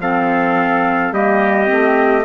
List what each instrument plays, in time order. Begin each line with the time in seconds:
0.00 bassoon F3, clarinet C4, trumpet A4 F5
1.12 bassoon G3, clarinet A#3, trumpet G4 D#5
1.66 bassoon A3, clarinet C4